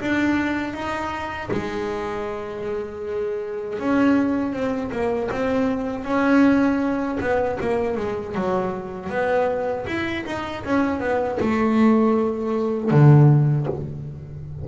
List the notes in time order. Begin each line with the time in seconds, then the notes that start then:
0.00 D4
0.73 D#4
1.51 G#3
3.79 C#4
4.53 C4
4.91 A#3
5.31 C4
6.04 C#4
7.20 B3
7.60 A#3
7.97 G#3
8.35 F#3
9.09 B3
9.87 E4
10.26 D#4
10.64 C#4
11.00 B3
11.40 A3
12.90 D3